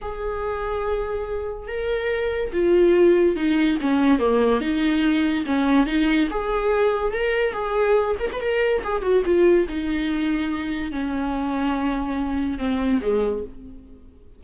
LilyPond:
\new Staff \with { instrumentName = "viola" } { \time 4/4 \tempo 4 = 143 gis'1 | ais'2 f'2 | dis'4 cis'4 ais4 dis'4~ | dis'4 cis'4 dis'4 gis'4~ |
gis'4 ais'4 gis'4. ais'16 b'16 | ais'4 gis'8 fis'8 f'4 dis'4~ | dis'2 cis'2~ | cis'2 c'4 gis4 | }